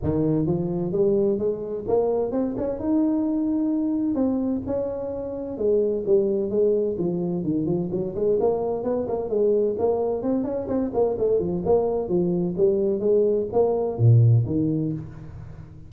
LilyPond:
\new Staff \with { instrumentName = "tuba" } { \time 4/4 \tempo 4 = 129 dis4 f4 g4 gis4 | ais4 c'8 cis'8 dis'2~ | dis'4 c'4 cis'2 | gis4 g4 gis4 f4 |
dis8 f8 fis8 gis8 ais4 b8 ais8 | gis4 ais4 c'8 cis'8 c'8 ais8 | a8 f8 ais4 f4 g4 | gis4 ais4 ais,4 dis4 | }